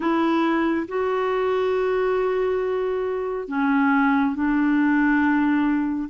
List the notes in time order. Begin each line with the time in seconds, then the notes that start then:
0.00 E4
0.88 F#4
3.48 C#4
4.35 D4